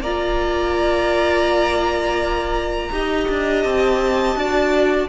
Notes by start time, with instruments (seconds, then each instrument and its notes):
0.00 cello A#3, viola F4, violin D5 A#5
2.91 cello D#4, viola G4, violin D#5
3.28 cello D4
3.62 cello C4, violin A5
4.35 cello D4, viola F#4, violin D5